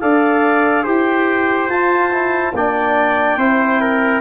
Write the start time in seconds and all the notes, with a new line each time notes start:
0.00 D4 A4 D5 F5
0.83 E4 G4 C5 G5
1.68 F4 A5
2.11 E4
2.53 A#3 D4 D5 G5
3.37 C4 E4 C5
3.81 A#4